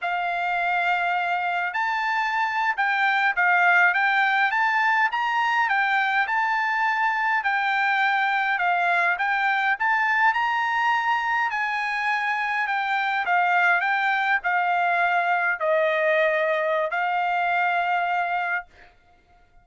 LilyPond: \new Staff \with { instrumentName = "trumpet" } { \time 4/4 \tempo 4 = 103 f''2. a''4~ | a''8. g''4 f''4 g''4 a''16~ | a''8. ais''4 g''4 a''4~ a''16~ | a''8. g''2 f''4 g''16~ |
g''8. a''4 ais''2 gis''16~ | gis''4.~ gis''16 g''4 f''4 g''16~ | g''8. f''2 dis''4~ dis''16~ | dis''4 f''2. | }